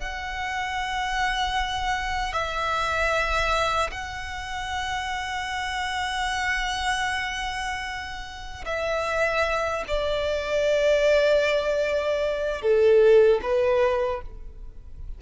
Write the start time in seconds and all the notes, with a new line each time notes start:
0.00 F#5
2.33 E5
3.91 F#5
8.65 E5
9.87 D5
12.61 A4
13.42 B4